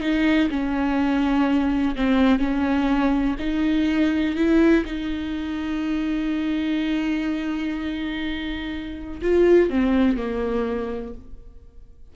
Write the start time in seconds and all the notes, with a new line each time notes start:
0.00 D#4
0.50 C#4
1.96 C4
2.39 C#4
3.39 D#4
4.36 E4
4.85 D#4
9.22 F4
9.69 C4
10.17 A#3